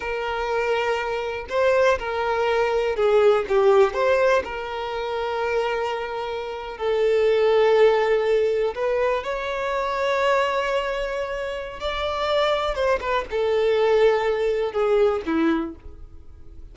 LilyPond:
\new Staff \with { instrumentName = "violin" } { \time 4/4 \tempo 4 = 122 ais'2. c''4 | ais'2 gis'4 g'4 | c''4 ais'2.~ | ais'4.~ ais'16 a'2~ a'16~ |
a'4.~ a'16 b'4 cis''4~ cis''16~ | cis''1 | d''2 c''8 b'8 a'4~ | a'2 gis'4 e'4 | }